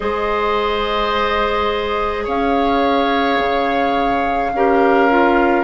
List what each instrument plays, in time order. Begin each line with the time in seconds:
0.00 bassoon G#3, clarinet G#4, oboe C5, flute D#5
2.24 bassoon C#4, oboe C#5, flute F5
3.39 bassoon C#3
4.53 bassoon C#4, clarinet G4, oboe A#4
5.09 clarinet F4